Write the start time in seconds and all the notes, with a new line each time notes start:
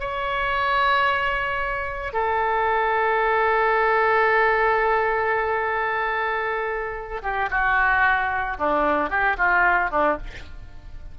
0.00 C#5
2.13 A4
7.23 G4
7.50 F#4
8.59 D4
9.10 G4
9.38 F4
9.91 D4